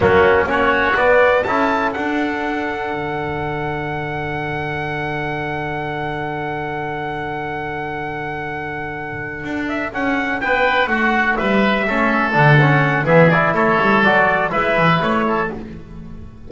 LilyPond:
<<
  \new Staff \with { instrumentName = "trumpet" } { \time 4/4 \tempo 4 = 124 fis'4 cis''4 d''4 a''4 | fis''1~ | fis''1~ | fis''1~ |
fis''1 | e''8 fis''4 g''4 fis''4 e''8~ | e''4. fis''4. e''8 d''8 | cis''4 d''4 e''4 cis''4 | }
  \new Staff \with { instrumentName = "oboe" } { \time 4/4 cis'4 fis'2 a'4~ | a'1~ | a'1~ | a'1~ |
a'1~ | a'4. b'4 fis'4 b'8~ | b'8 a'2~ a'8 gis'4 | a'2 b'4. a'8 | }
  \new Staff \with { instrumentName = "trombone" } { \time 4/4 ais4 cis'4 b4 e'4 | d'1~ | d'1~ | d'1~ |
d'1~ | d'1~ | d'8 cis'4 d'8 cis'4 b8 e'8~ | e'4 fis'4 e'2 | }
  \new Staff \with { instrumentName = "double bass" } { \time 4/4 fis4 ais4 b4 cis'4 | d'2 d2~ | d1~ | d1~ |
d2.~ d8 d'8~ | d'8 cis'4 b4 a4 g8~ | g8 a4 d4. e4 | a8 g8 fis4 gis8 e8 a4 | }
>>